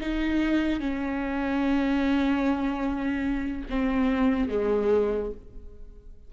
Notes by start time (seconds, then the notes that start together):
0.00 D#4
0.80 C#4
3.69 C4
4.49 G#3